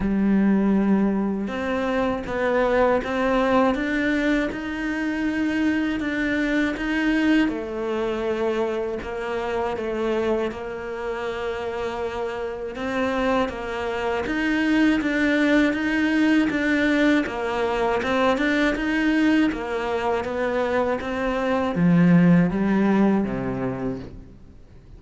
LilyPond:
\new Staff \with { instrumentName = "cello" } { \time 4/4 \tempo 4 = 80 g2 c'4 b4 | c'4 d'4 dis'2 | d'4 dis'4 a2 | ais4 a4 ais2~ |
ais4 c'4 ais4 dis'4 | d'4 dis'4 d'4 ais4 | c'8 d'8 dis'4 ais4 b4 | c'4 f4 g4 c4 | }